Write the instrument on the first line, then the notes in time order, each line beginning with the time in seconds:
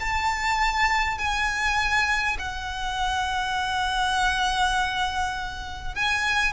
violin
0.00 A5
1.19 G#5
2.39 F#5
5.95 G#5